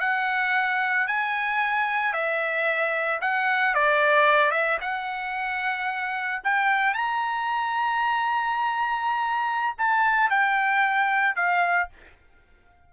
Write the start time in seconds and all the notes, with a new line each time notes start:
0.00 F#5
1.07 G#5
2.13 E5
3.21 F#5
3.75 D5
4.51 E5
4.81 F#5
6.44 G5
6.94 A#5
9.78 A5
10.30 G5
11.36 F5